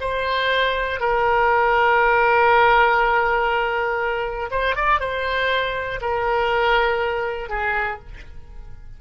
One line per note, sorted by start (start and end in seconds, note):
0.00 1.00 C5
1.00 4.50 A#4
4.50 4.75 C5
4.75 5.00 D5
5.00 6.00 C5
6.01 7.49 A#4
7.49 7.99 G#4